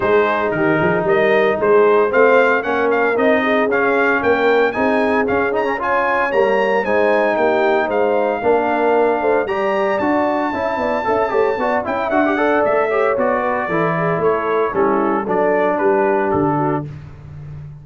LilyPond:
<<
  \new Staff \with { instrumentName = "trumpet" } { \time 4/4 \tempo 4 = 114 c''4 ais'4 dis''4 c''4 | f''4 fis''8 f''8 dis''4 f''4 | g''4 gis''4 f''8 ais''8 gis''4 | ais''4 gis''4 g''4 f''4~ |
f''2 ais''4 a''4~ | a''2~ a''8 g''8 fis''4 | e''4 d''2 cis''4 | a'4 d''4 b'4 a'4 | }
  \new Staff \with { instrumentName = "horn" } { \time 4/4 gis'4 g'8 gis'8 ais'4 gis'4 | c''4 ais'4. gis'4. | ais'4 gis'2 cis''4~ | cis''4 c''4 g'4 c''4 |
ais'4. c''8 d''2 | e''8 d''8 e''8 cis''8 d''8 e''4 d''8~ | d''8 cis''4 b'8 a'8 gis'8 a'4 | e'4 a'4 g'4. fis'8 | }
  \new Staff \with { instrumentName = "trombone" } { \time 4/4 dis'1 | c'4 cis'4 dis'4 cis'4~ | cis'4 dis'4 cis'8 dis'16 cis'16 f'4 | ais4 dis'2. |
d'2 g'4 fis'4 | e'4 a'8 g'8 fis'8 e'8 fis'16 g'16 a'8~ | a'8 g'8 fis'4 e'2 | cis'4 d'2. | }
  \new Staff \with { instrumentName = "tuba" } { \time 4/4 gis4 dis8 f8 g4 gis4 | a4 ais4 c'4 cis'4 | ais4 c'4 cis'2 | g4 gis4 ais4 gis4 |
ais4. a8 g4 d'4 | cis'8 b8 cis'8 a8 b8 cis'8 d'4 | a4 b4 e4 a4 | g4 fis4 g4 d4 | }
>>